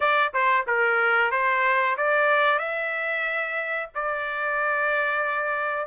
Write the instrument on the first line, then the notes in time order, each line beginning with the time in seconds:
trumpet
0.00 D5
0.33 C5
0.66 A#4
1.31 C5
1.97 D5
2.58 E5
3.95 D5